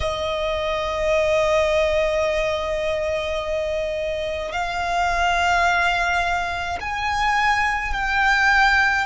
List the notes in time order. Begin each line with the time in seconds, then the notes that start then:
0.00 D#5
4.52 F5
6.80 G#5
7.93 G5